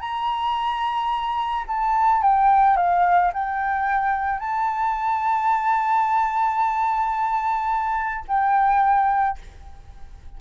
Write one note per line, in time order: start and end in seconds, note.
0.00 1.65 A#5
1.67 2.22 A5
2.22 2.77 G5
2.77 3.32 F5
3.33 4.39 G5
4.39 8.25 A5
8.28 9.38 G5